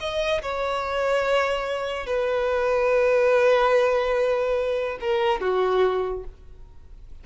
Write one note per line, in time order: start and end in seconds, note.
0.00 0.42 D#5
0.42 2.06 C#5
2.06 4.98 B4
5.00 5.41 A#4
5.41 6.24 F#4